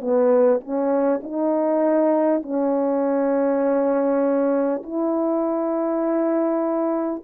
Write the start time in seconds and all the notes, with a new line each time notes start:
0.00 B3
0.61 C#4
1.22 D#4
2.42 C#4
4.83 E4